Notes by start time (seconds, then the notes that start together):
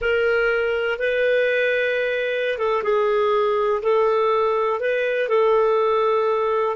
0.01 A#4
0.98 B4
2.58 A4
2.83 G#4
3.82 A4
4.80 B4
5.29 A4